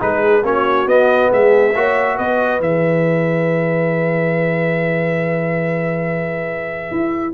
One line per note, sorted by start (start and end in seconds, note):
0.00 0.43 G#3
0.00 0.43 D#4
0.00 0.45 G#4
0.00 0.45 B4
0.43 0.87 A#3
0.43 0.87 C#4
0.43 1.32 F#4
0.43 0.88 C#5
0.87 1.30 B3
0.87 1.74 B3
0.87 1.31 D#5
1.32 1.76 G#3
1.32 1.75 G#4
1.32 2.18 E5
1.76 2.19 A#3
1.76 2.61 F#4
1.76 2.17 C#5
2.17 2.60 B3
2.17 7.34 B4
2.17 2.61 D#5
2.60 6.91 E3
2.60 7.34 G#4
2.60 7.34 E5
6.91 7.34 E4